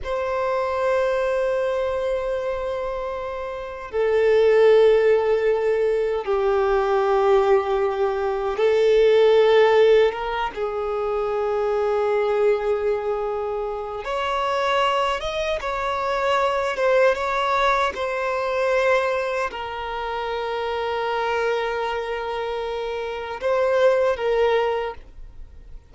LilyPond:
\new Staff \with { instrumentName = "violin" } { \time 4/4 \tempo 4 = 77 c''1~ | c''4 a'2. | g'2. a'4~ | a'4 ais'8 gis'2~ gis'8~ |
gis'2 cis''4. dis''8 | cis''4. c''8 cis''4 c''4~ | c''4 ais'2.~ | ais'2 c''4 ais'4 | }